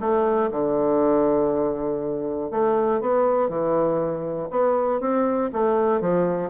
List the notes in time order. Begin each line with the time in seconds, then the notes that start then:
0.00 A3
0.51 D3
2.50 A3
3.00 B3
3.48 E3
4.50 B3
5.00 C4
5.53 A3
6.01 F3